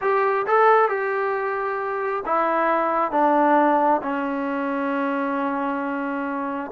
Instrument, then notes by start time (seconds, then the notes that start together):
trombone
0.01 G4
0.47 A4
0.89 G4
2.25 E4
3.11 D4
4.02 C#4